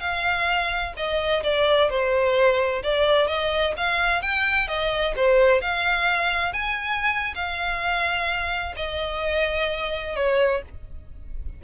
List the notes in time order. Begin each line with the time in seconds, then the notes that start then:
0.00 F5
0.96 D#5
1.43 D5
1.89 C5
2.83 D5
3.27 D#5
3.77 F5
4.22 G5
4.68 D#5
5.16 C5
5.61 F5
6.53 G#5
7.35 F5
8.76 D#5
10.15 C#5